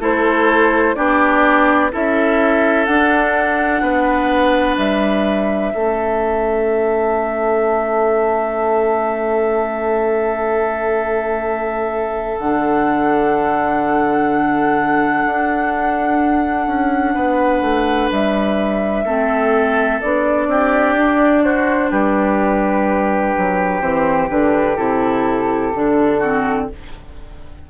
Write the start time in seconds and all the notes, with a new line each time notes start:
0.00 A3 E4 A4 C5
0.95 B3 D4 G4 D5
1.92 C#4 E4 A4 E5
2.86 D4 F#5
3.82 B3 B4
4.78 G3 E5
5.73 A3 C#4 A4
12.39 D3 D4 F#5
15.26 D4
16.67 C#4
17.14 B3 B4
17.62 A3
18.12 G3 E5
19.05 A3 C4 A4
20.02 B3 D4 D5
20.48 C4 G4
20.98 D4
21.44 F#4 C5
21.90 G3 G4 B4
23.38 F#3
23.82 E3 C4 C5
24.30 D3 D4 B4
24.77 C3 E4 A4
25.74 D3 D4
26.18 C4 F#4